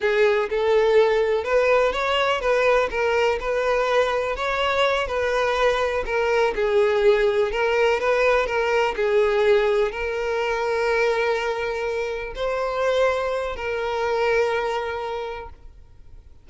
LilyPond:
\new Staff \with { instrumentName = "violin" } { \time 4/4 \tempo 4 = 124 gis'4 a'2 b'4 | cis''4 b'4 ais'4 b'4~ | b'4 cis''4. b'4.~ | b'8 ais'4 gis'2 ais'8~ |
ais'8 b'4 ais'4 gis'4.~ | gis'8 ais'2.~ ais'8~ | ais'4. c''2~ c''8 | ais'1 | }